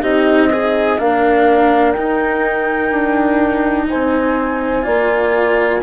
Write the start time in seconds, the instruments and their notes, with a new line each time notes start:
0.00 bassoon C4, cello D#4, horn G4, flute D#5
0.52 horn D#4, cello G#4
0.98 bassoon A#3, cello D4, horn A#4, flute F5
1.91 bassoon D#4, cello D#4, flute G5
2.90 bassoon D4
3.88 bassoon C4, horn C5, flute G#5
4.82 bassoon A#3, cello F4, horn D5